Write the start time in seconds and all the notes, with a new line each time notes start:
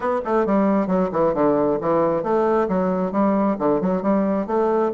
0.00 B3
0.25 A3
0.45 G3
0.87 F#3
1.12 E3
1.34 D3
1.80 E3
2.23 A3
2.68 F#3
3.11 G3
3.58 D3
3.80 F#3
4.02 G3
4.47 A3